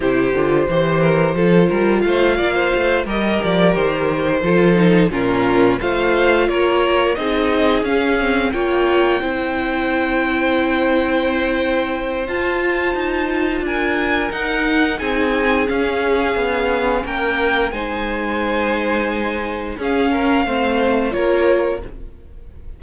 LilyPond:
<<
  \new Staff \with { instrumentName = "violin" } { \time 4/4 \tempo 4 = 88 c''2. f''4~ | f''8 dis''8 d''8 c''2 ais'8~ | ais'8 f''4 cis''4 dis''4 f''8~ | f''8 g''2.~ g''8~ |
g''2 a''2 | gis''4 fis''4 gis''4 f''4~ | f''4 g''4 gis''2~ | gis''4 f''2 cis''4 | }
  \new Staff \with { instrumentName = "violin" } { \time 4/4 g'4 c''8 ais'8 a'8 ais'8 c''8 d''16 c''16~ | c''8 ais'2 a'4 f'8~ | f'8 c''4 ais'4 gis'4.~ | gis'8 cis''4 c''2~ c''8~ |
c''1 | ais'2 gis'2~ | gis'4 ais'4 c''2~ | c''4 gis'8 ais'8 c''4 ais'4 | }
  \new Staff \with { instrumentName = "viola" } { \time 4/4 e'8 f'8 g'4 f'2~ | f'8 g'2 f'8 dis'8 cis'8~ | cis'8 f'2 dis'4 cis'8 | c'8 f'4 e'2~ e'8~ |
e'2 f'2~ | f'4 dis'2 cis'4~ | cis'2 dis'2~ | dis'4 cis'4 c'4 f'4 | }
  \new Staff \with { instrumentName = "cello" } { \time 4/4 c8 d8 e4 f8 g8 a8 ais8 | a8 g8 f8 dis4 f4 ais,8~ | ais,8 a4 ais4 c'4 cis'8~ | cis'8 ais4 c'2~ c'8~ |
c'2 f'4 dis'4 | d'4 dis'4 c'4 cis'4 | b4 ais4 gis2~ | gis4 cis'4 a4 ais4 | }
>>